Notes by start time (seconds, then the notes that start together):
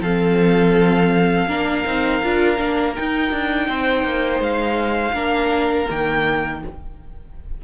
0.00 F3 C4 A4 F5
1.47 A#3 D4 A#4
1.85 C4 D#4
2.23 D4 F4
2.57 A#3 D4
2.95 D#4 G5
3.31 D4
3.68 C4 C5
4.03 A#3
4.39 G#3 F5
5.12 A#3 D4 A#4
5.88 D#3 A#3 G5